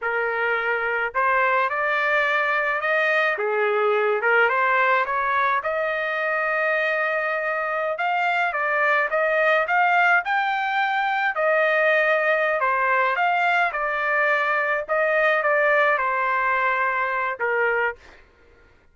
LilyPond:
\new Staff \with { instrumentName = "trumpet" } { \time 4/4 \tempo 4 = 107 ais'2 c''4 d''4~ | d''4 dis''4 gis'4. ais'8 | c''4 cis''4 dis''2~ | dis''2~ dis''16 f''4 d''8.~ |
d''16 dis''4 f''4 g''4.~ g''16~ | g''16 dis''2~ dis''16 c''4 f''8~ | f''8 d''2 dis''4 d''8~ | d''8 c''2~ c''8 ais'4 | }